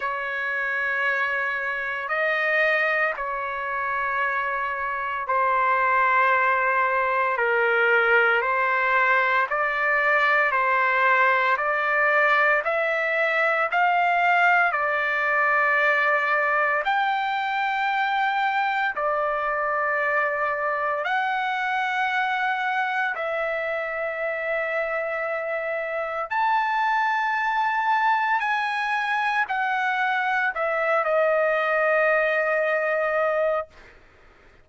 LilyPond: \new Staff \with { instrumentName = "trumpet" } { \time 4/4 \tempo 4 = 57 cis''2 dis''4 cis''4~ | cis''4 c''2 ais'4 | c''4 d''4 c''4 d''4 | e''4 f''4 d''2 |
g''2 d''2 | fis''2 e''2~ | e''4 a''2 gis''4 | fis''4 e''8 dis''2~ dis''8 | }